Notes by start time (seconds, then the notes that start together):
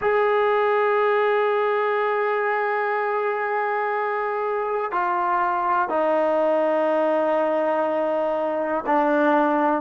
0.01 G#4
4.91 F4
5.89 D#4
8.86 D4